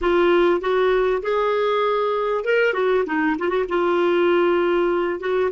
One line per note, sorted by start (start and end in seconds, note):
0.01 0.60 F4
0.60 1.22 F#4
1.22 2.44 G#4
2.44 2.73 A#4
2.73 3.04 F#4
3.06 3.36 D#4
3.38 3.49 F4
3.49 3.64 F#4
3.68 5.20 F4
5.20 5.50 F#4